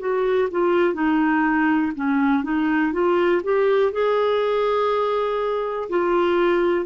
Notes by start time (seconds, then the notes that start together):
0.00 F#4
0.51 F4
0.94 D#4
1.96 C#4
2.44 D#4
2.93 F4
3.44 G4
3.93 G#4
5.90 F4